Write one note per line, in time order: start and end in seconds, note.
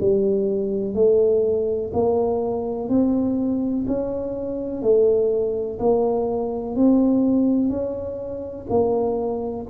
0.00 0.95 G3
0.95 1.91 A3
1.93 2.89 A#3
2.89 3.85 C4
3.87 4.82 C#4
4.82 5.78 A3
5.79 6.75 A#3
6.75 7.69 C4
7.69 8.66 C#4
8.70 9.66 A#3